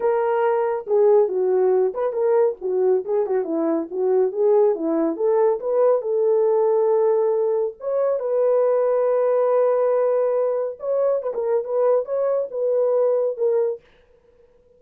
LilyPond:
\new Staff \with { instrumentName = "horn" } { \time 4/4 \tempo 4 = 139 ais'2 gis'4 fis'4~ | fis'8 b'8 ais'4 fis'4 gis'8 fis'8 | e'4 fis'4 gis'4 e'4 | a'4 b'4 a'2~ |
a'2 cis''4 b'4~ | b'1~ | b'4 cis''4 b'16 ais'8. b'4 | cis''4 b'2 ais'4 | }